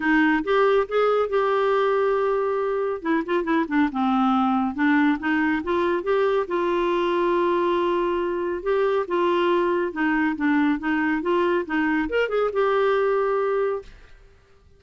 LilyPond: \new Staff \with { instrumentName = "clarinet" } { \time 4/4 \tempo 4 = 139 dis'4 g'4 gis'4 g'4~ | g'2. e'8 f'8 | e'8 d'8 c'2 d'4 | dis'4 f'4 g'4 f'4~ |
f'1 | g'4 f'2 dis'4 | d'4 dis'4 f'4 dis'4 | ais'8 gis'8 g'2. | }